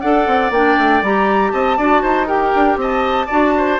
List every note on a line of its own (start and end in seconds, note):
0.00 0.26 D4
0.00 0.53 A4
0.00 1.52 D5
0.00 0.50 F#5
0.26 0.50 C4
0.50 0.75 A#3
0.50 1.04 D4
0.50 1.03 G5
0.78 1.02 A3
1.02 1.52 G3
1.02 1.78 G4
1.02 1.51 A#5
1.51 1.77 C4
1.51 1.77 D#5
1.51 2.26 A5
1.77 2.02 D4
1.77 2.26 F#4
1.77 2.02 D5
2.02 2.53 D#4
2.02 2.26 C5
2.26 3.27 G4
2.26 2.77 A#4
2.26 2.78 G5
2.55 2.76 D4
2.76 3.26 C4
2.76 3.26 D#5
2.82 3.79 A5
3.26 3.79 D4
3.26 3.79 F#4
3.26 3.51 D5
3.57 3.79 C5